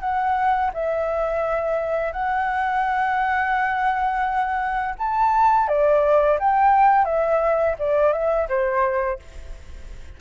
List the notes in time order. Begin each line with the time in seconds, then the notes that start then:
0.00 F#5
0.73 E5
2.12 F#5
4.98 A5
5.68 D5
6.39 G5
7.05 E5
7.78 D5
8.13 E5
8.48 C5